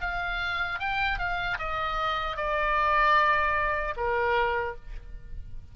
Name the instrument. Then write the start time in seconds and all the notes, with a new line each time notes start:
oboe
0.00 F5
0.79 G5
1.18 F5
1.58 D#5
2.36 D5
3.96 A#4